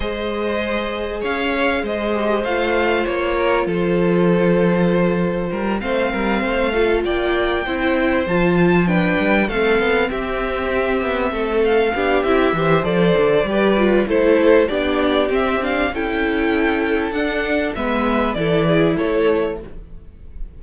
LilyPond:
<<
  \new Staff \with { instrumentName = "violin" } { \time 4/4 \tempo 4 = 98 dis''2 f''4 dis''4 | f''4 cis''4 c''2~ | c''4. f''2 g''8~ | g''4. a''4 g''4 f''8~ |
f''8 e''2~ e''8 f''4 | e''4 d''2 c''4 | d''4 e''8 f''8 g''2 | fis''4 e''4 d''4 cis''4 | }
  \new Staff \with { instrumentName = "violin" } { \time 4/4 c''2 cis''4 c''4~ | c''4. ais'8 a'2~ | a'4 ais'8 c''8 ais'8 c''8 a'8 d''8~ | d''8 c''2 b'4 a'8~ |
a'8 g'2 a'4 g'8~ | g'8 c''4. b'4 a'4 | g'2 a'2~ | a'4 b'4 a'8 gis'8 a'4 | }
  \new Staff \with { instrumentName = "viola" } { \time 4/4 gis'2.~ gis'8 g'8 | f'1~ | f'4. c'4. f'4~ | f'8 e'4 f'4 d'4 c'8~ |
c'2.~ c'8 d'8 | e'8 g'8 a'4 g'8 f'8 e'4 | d'4 c'8 d'8 e'2 | d'4 b4 e'2 | }
  \new Staff \with { instrumentName = "cello" } { \time 4/4 gis2 cis'4 gis4 | a4 ais4 f2~ | f4 g8 a8 g8 a4 ais8~ | ais8 c'4 f4. g8 a8 |
b8 c'4. b8 a4 b8 | c'8 e8 f8 d8 g4 a4 | b4 c'4 cis'2 | d'4 gis4 e4 a4 | }
>>